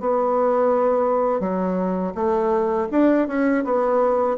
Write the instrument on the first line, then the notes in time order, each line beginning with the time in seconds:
bassoon
0.00 B3
1.40 F#3
2.15 A3
2.91 D4
3.27 C#4
3.64 B3